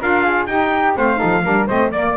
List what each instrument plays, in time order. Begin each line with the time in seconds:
0.00 double bass D4, saxophone F4, flute A#4, trumpet F5
0.23 flute G#4
0.47 double bass D#4, saxophone D#4, flute G4, trumpet G5
0.96 double bass A3, saxophone C4, flute C5, trumpet F5
1.17 saxophone D#4, flute A4
1.23 double bass F3
1.43 double bass G3, saxophone D4, flute A#4
1.67 double bass A3, saxophone C4, flute C5, trumpet D#5
1.91 double bass A#3, saxophone A#3, trumpet D5, flute D5